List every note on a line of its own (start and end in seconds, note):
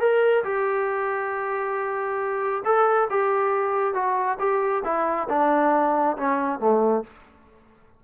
0.00 0.44 A#4
0.44 2.63 G4
2.65 3.09 A4
3.10 3.94 G4
3.94 4.38 F#4
4.39 4.83 G4
4.84 5.28 E4
5.29 6.17 D4
6.17 6.60 C#4
6.60 7.04 A3